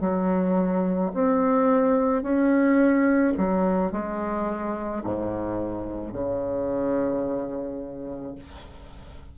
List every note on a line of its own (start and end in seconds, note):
0.00 1.11 F#3
1.14 2.22 C4
2.22 3.33 C#4
3.37 3.91 F#3
3.91 5.03 G#3
5.04 6.13 G#2
6.13 8.35 C#3